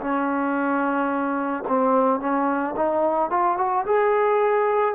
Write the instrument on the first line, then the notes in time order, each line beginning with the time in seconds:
trombone
0.00 C#4
1.68 C4
2.20 C#4
2.76 D#4
3.30 F4
3.58 F#4
3.86 G#4